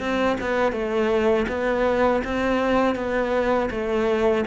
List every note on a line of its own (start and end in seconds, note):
0.00 0.37 C4
0.41 0.72 B3
0.72 1.46 A3
1.48 2.23 B3
2.24 2.95 C4
2.95 3.69 B3
3.71 4.45 A3